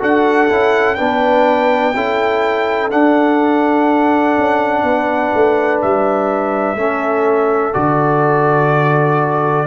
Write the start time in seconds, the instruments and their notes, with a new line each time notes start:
0.00 tuba D4, trombone F#4, horn A4, trumpet F#5
0.49 tuba C#4, trombone E4
0.95 tuba B3, trombone D4, horn B4, trumpet G5
1.95 tuba C#4, trombone E4, horn A4
2.90 trombone D4, tuba D4, trumpet F#5
4.38 tuba C#4
4.83 tuba B3, horn B4
5.34 tuba A3
5.82 tuba G3, trumpet E5
6.75 tuba A3, trombone C#4, horn A4
7.73 tuba D3, trombone F#4, trumpet D5